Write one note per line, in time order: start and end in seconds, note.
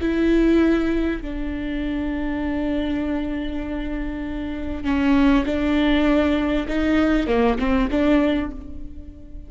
0.00 1.21 E4
1.21 4.84 D4
4.84 5.44 C#4
5.45 6.66 D4
6.67 7.27 D#4
7.27 7.57 A#3
7.58 7.89 C4
7.90 8.51 D4